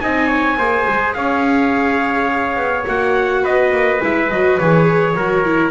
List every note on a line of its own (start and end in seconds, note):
0.00 0.58 C4
0.00 0.57 D#4
0.00 0.27 D#5
0.00 1.14 G#5
0.27 0.56 C#5
0.58 0.87 A#3
0.58 2.86 G#4
0.58 1.16 C5
0.88 1.16 G#3
1.14 2.57 C#4
1.14 3.43 C#5
1.14 2.86 F5
2.57 2.85 B3
2.86 3.44 A#3
2.86 4.00 F#4
2.86 3.45 F#5
3.43 3.72 B3
3.43 5.14 B4
3.43 4.02 D#5
3.72 4.00 A#3
4.01 4.30 G#3
4.01 4.29 E4
4.01 4.31 E5
4.30 4.59 F#3
4.30 4.61 F#4
4.30 4.59 D#5
4.59 5.15 E3
4.59 5.17 G#4
4.59 5.71 C#5
5.15 5.71 F#3
5.15 5.45 F#4
5.15 5.71 A#4
5.45 5.71 E4